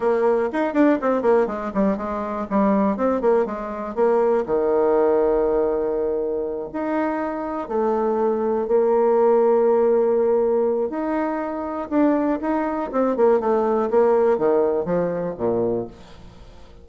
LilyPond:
\new Staff \with { instrumentName = "bassoon" } { \time 4/4 \tempo 4 = 121 ais4 dis'8 d'8 c'8 ais8 gis8 g8 | gis4 g4 c'8 ais8 gis4 | ais4 dis2.~ | dis4. dis'2 a8~ |
a4. ais2~ ais8~ | ais2 dis'2 | d'4 dis'4 c'8 ais8 a4 | ais4 dis4 f4 ais,4 | }